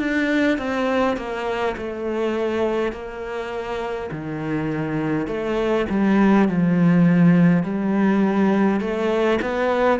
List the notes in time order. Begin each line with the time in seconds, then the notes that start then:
0.00 D4
0.59 C4
1.17 A#3
1.78 A3
2.93 A#3
4.12 D#3
5.28 A3
5.90 G3
6.49 F3
7.64 G3
8.81 A3
9.42 B3